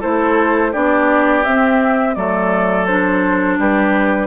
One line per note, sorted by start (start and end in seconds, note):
0.00 0.74 A3
0.00 0.73 E4
0.00 0.71 A4
0.00 0.73 C5
0.72 1.45 B3
0.72 1.44 D4
0.72 2.15 G4
0.72 1.44 D5
1.44 2.16 C4
1.44 2.14 E5
2.14 3.58 F#3
2.14 2.87 A3
2.14 3.59 A4
2.14 2.86 D5
2.86 4.27 D4
2.86 3.58 C5
3.58 4.27 G3
3.58 4.27 G4
3.58 4.27 B4